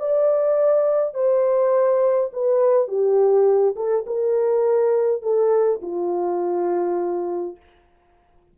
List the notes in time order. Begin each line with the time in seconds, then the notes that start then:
0.00 D5
1.15 C5
2.34 B4
2.88 G4
3.77 A4
4.07 A#4
5.23 A4
5.82 F4